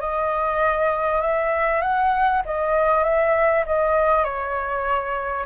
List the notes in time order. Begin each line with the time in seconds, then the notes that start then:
0.00 D#5
1.21 E5
1.81 F#5
2.45 D#5
3.04 E5
3.66 D#5
4.24 C#5